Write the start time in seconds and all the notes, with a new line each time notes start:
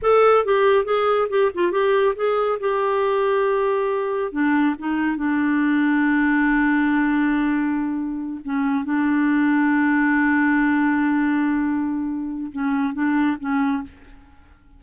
0.01 A4
0.45 G4
0.84 G#4
1.29 G4
1.54 F4
1.71 G4
2.15 G#4
2.60 G4
4.32 D4
4.79 D#4
5.16 D4
8.44 C#4
8.84 D4
12.52 C#4
12.93 D4
13.39 C#4